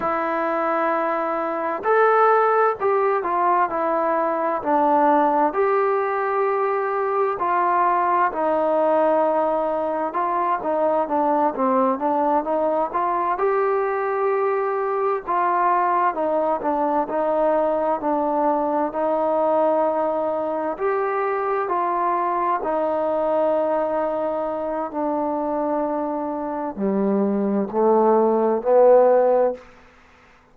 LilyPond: \new Staff \with { instrumentName = "trombone" } { \time 4/4 \tempo 4 = 65 e'2 a'4 g'8 f'8 | e'4 d'4 g'2 | f'4 dis'2 f'8 dis'8 | d'8 c'8 d'8 dis'8 f'8 g'4.~ |
g'8 f'4 dis'8 d'8 dis'4 d'8~ | d'8 dis'2 g'4 f'8~ | f'8 dis'2~ dis'8 d'4~ | d'4 g4 a4 b4 | }